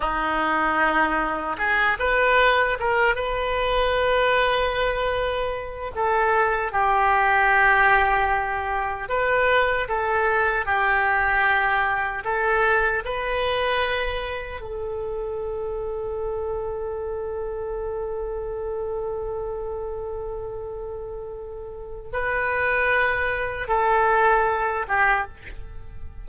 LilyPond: \new Staff \with { instrumentName = "oboe" } { \time 4/4 \tempo 4 = 76 dis'2 gis'8 b'4 ais'8 | b'2.~ b'8 a'8~ | a'8 g'2. b'8~ | b'8 a'4 g'2 a'8~ |
a'8 b'2 a'4.~ | a'1~ | a'1 | b'2 a'4. g'8 | }